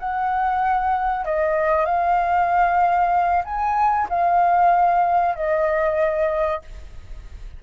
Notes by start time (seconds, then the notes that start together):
0.00 F#5
1.26 D#5
1.86 F5
3.45 G#5
4.10 F5
5.36 D#5